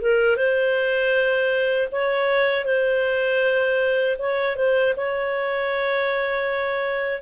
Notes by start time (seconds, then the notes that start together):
0.00 A#4
0.36 C5
1.92 C#5
2.65 C5
4.18 C#5
4.56 C5
4.96 C#5